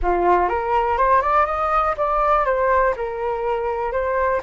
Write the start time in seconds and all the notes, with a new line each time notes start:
0.02 F4
0.49 A#4
0.97 C5
1.21 D5
1.46 D#5
1.97 D5
2.45 C5
2.96 A#4
3.91 C5